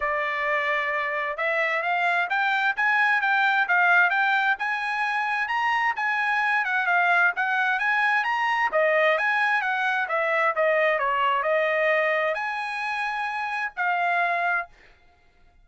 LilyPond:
\new Staff \with { instrumentName = "trumpet" } { \time 4/4 \tempo 4 = 131 d''2. e''4 | f''4 g''4 gis''4 g''4 | f''4 g''4 gis''2 | ais''4 gis''4. fis''8 f''4 |
fis''4 gis''4 ais''4 dis''4 | gis''4 fis''4 e''4 dis''4 | cis''4 dis''2 gis''4~ | gis''2 f''2 | }